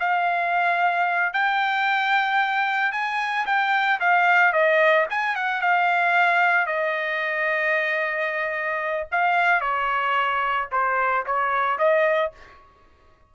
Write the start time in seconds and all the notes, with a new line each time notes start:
0.00 F5
1.33 G5
2.92 G#5
3.46 G5
4.00 F5
4.53 D#5
5.10 G#5
5.36 F#5
5.62 F5
6.66 D#5
9.12 F5
9.61 C#5
10.72 C5
11.26 C#5
11.79 D#5